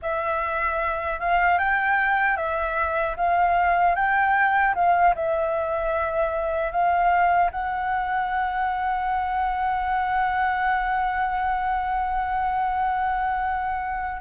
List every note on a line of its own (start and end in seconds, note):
0.01 1.19 E5
1.19 1.58 F5
1.58 2.36 G5
2.36 3.15 E5
3.16 3.95 F5
3.95 4.74 G5
4.74 5.14 F5
5.15 6.71 E5
6.71 7.50 F5
7.51 14.21 F#5